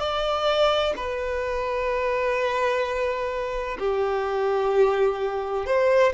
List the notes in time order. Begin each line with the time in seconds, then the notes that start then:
0.00 D5
0.97 B4
3.79 G4
5.66 C5